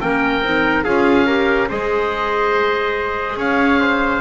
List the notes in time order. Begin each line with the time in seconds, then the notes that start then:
0.00 A#3 C#4 A#4 G5
0.43 C4 D#4
0.84 C#4 F4 G#4 F5
1.26 G4 A#4
1.69 G#3 G#4 C5 D#5
3.36 C#4 C#5 F5
3.80 C5